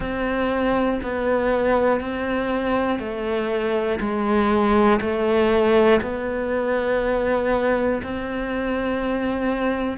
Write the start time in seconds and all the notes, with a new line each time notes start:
0.00 C4
1.02 B3
2.00 C4
2.99 A3
4.00 G#3
5.00 A3
6.01 B3
8.03 C4